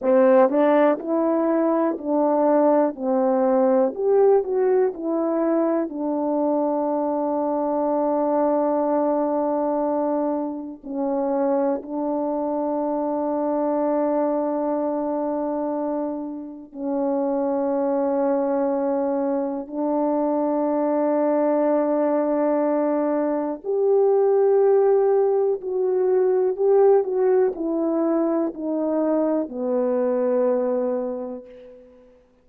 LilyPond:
\new Staff \with { instrumentName = "horn" } { \time 4/4 \tempo 4 = 61 c'8 d'8 e'4 d'4 c'4 | g'8 fis'8 e'4 d'2~ | d'2. cis'4 | d'1~ |
d'4 cis'2. | d'1 | g'2 fis'4 g'8 fis'8 | e'4 dis'4 b2 | }